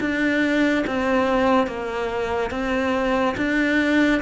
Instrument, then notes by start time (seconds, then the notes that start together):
cello
0.00 D4
0.87 C4
1.67 A#3
2.51 C4
3.37 D4